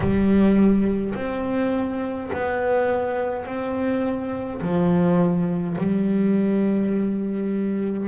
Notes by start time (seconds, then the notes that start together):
0.00 G3
1.14 C4
2.33 B3
3.45 C4
4.61 F3
5.77 G3